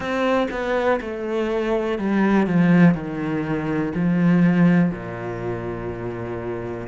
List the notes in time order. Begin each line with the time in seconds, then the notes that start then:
0.00 C4
0.51 B3
1.01 A3
1.98 G3
2.46 F3
2.94 D#3
3.94 F3
4.91 A#2